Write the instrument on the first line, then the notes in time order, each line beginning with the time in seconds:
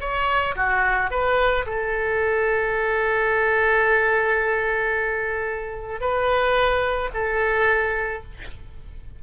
oboe
0.00 C#5
0.56 F#4
1.10 B4
1.66 A4
6.00 B4
7.13 A4